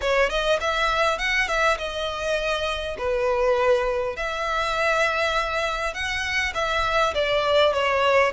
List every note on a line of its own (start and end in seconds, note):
0.01 0.29 C#5
0.29 0.59 D#5
0.60 1.18 E5
1.18 1.47 F#5
1.47 1.77 E5
1.78 2.96 D#5
2.98 4.16 B4
4.16 5.94 E5
5.94 6.53 F#5
6.54 7.13 E5
7.14 7.73 D5
7.73 8.32 C#5